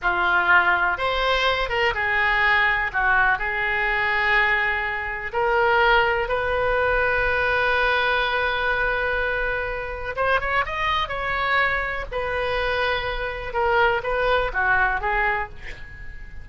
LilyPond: \new Staff \with { instrumentName = "oboe" } { \time 4/4 \tempo 4 = 124 f'2 c''4. ais'8 | gis'2 fis'4 gis'4~ | gis'2. ais'4~ | ais'4 b'2.~ |
b'1~ | b'4 c''8 cis''8 dis''4 cis''4~ | cis''4 b'2. | ais'4 b'4 fis'4 gis'4 | }